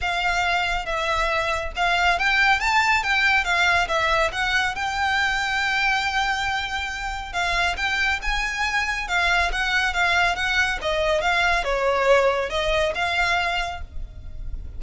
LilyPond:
\new Staff \with { instrumentName = "violin" } { \time 4/4 \tempo 4 = 139 f''2 e''2 | f''4 g''4 a''4 g''4 | f''4 e''4 fis''4 g''4~ | g''1~ |
g''4 f''4 g''4 gis''4~ | gis''4 f''4 fis''4 f''4 | fis''4 dis''4 f''4 cis''4~ | cis''4 dis''4 f''2 | }